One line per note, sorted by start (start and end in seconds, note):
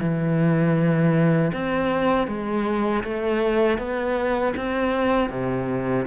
0.00 1.52 E3
1.53 2.27 C4
2.27 3.03 G#3
3.04 3.78 A3
3.78 4.54 B3
4.56 5.30 C4
5.30 6.06 C3